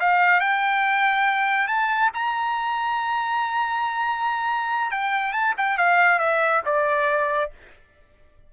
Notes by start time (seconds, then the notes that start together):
0.00 F5
0.41 G5
1.68 A5
2.14 A#5
4.91 G5
5.33 A5
5.57 G5
5.78 F5
6.19 E5
6.66 D5